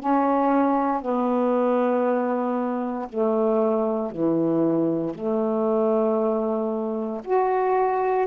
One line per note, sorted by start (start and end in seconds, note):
0.00 1.02 C#4
1.02 3.08 B3
3.09 4.11 A3
4.11 5.15 E3
5.15 7.22 A3
7.25 8.27 F#4